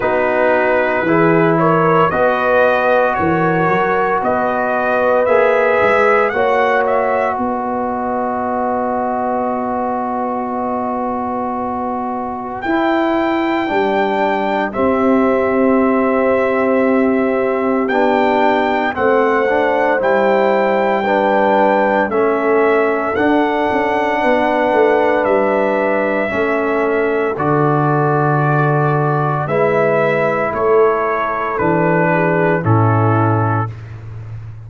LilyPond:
<<
  \new Staff \with { instrumentName = "trumpet" } { \time 4/4 \tempo 4 = 57 b'4. cis''8 dis''4 cis''4 | dis''4 e''4 fis''8 e''8 dis''4~ | dis''1 | g''2 e''2~ |
e''4 g''4 fis''4 g''4~ | g''4 e''4 fis''2 | e''2 d''2 | e''4 cis''4 b'4 a'4 | }
  \new Staff \with { instrumentName = "horn" } { \time 4/4 fis'4 gis'8 ais'8 b'4 ais'4 | b'2 cis''4 b'4~ | b'1~ | b'2 g'2~ |
g'2 c''2 | b'4 a'2 b'4~ | b'4 a'2. | b'4 a'4. gis'8 e'4 | }
  \new Staff \with { instrumentName = "trombone" } { \time 4/4 dis'4 e'4 fis'2~ | fis'4 gis'4 fis'2~ | fis'1 | e'4 d'4 c'2~ |
c'4 d'4 c'8 d'8 e'4 | d'4 cis'4 d'2~ | d'4 cis'4 fis'2 | e'2 d'4 cis'4 | }
  \new Staff \with { instrumentName = "tuba" } { \time 4/4 b4 e4 b4 e8 fis8 | b4 ais8 gis8 ais4 b4~ | b1 | e'4 g4 c'2~ |
c'4 b4 a4 g4~ | g4 a4 d'8 cis'8 b8 a8 | g4 a4 d2 | gis4 a4 e4 a,4 | }
>>